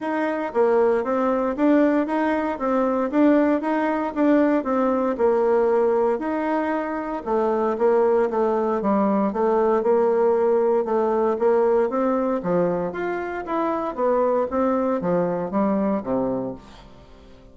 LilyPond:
\new Staff \with { instrumentName = "bassoon" } { \time 4/4 \tempo 4 = 116 dis'4 ais4 c'4 d'4 | dis'4 c'4 d'4 dis'4 | d'4 c'4 ais2 | dis'2 a4 ais4 |
a4 g4 a4 ais4~ | ais4 a4 ais4 c'4 | f4 f'4 e'4 b4 | c'4 f4 g4 c4 | }